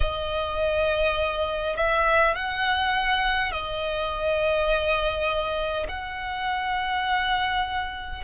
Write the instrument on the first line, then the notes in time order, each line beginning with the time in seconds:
violin
0.00 D#5
1.76 E5
2.35 F#5
3.51 D#5
5.88 F#5